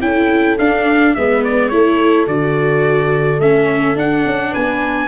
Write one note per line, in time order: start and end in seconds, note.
0.00 0.57 C#4
0.00 0.57 E4
0.00 1.16 A4
0.00 0.58 G5
0.58 1.15 D4
0.58 1.17 D4
0.58 1.14 F5
1.14 1.72 G#3
1.14 1.71 B3
1.14 1.72 B4
1.14 1.43 E5
1.44 1.68 D5
1.68 2.27 A3
1.68 2.26 E4
1.68 4.51 A4
1.68 2.25 C#5
2.26 3.39 D3
2.26 3.39 F#4
2.26 3.40 D5
3.39 3.95 A3
3.39 3.95 C#4
3.39 3.97 E5
3.95 4.24 D4
3.95 5.07 D4
3.95 4.54 F#5
4.26 4.54 C#4
4.51 5.07 B3
4.51 5.07 B4
4.51 5.07 G#5